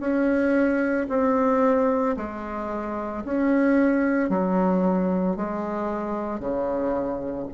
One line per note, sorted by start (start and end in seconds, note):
0.00 1.07 C#4
1.09 2.16 C4
2.17 3.24 G#3
3.25 4.30 C#4
4.30 5.36 F#3
5.36 6.39 G#3
6.39 7.47 C#3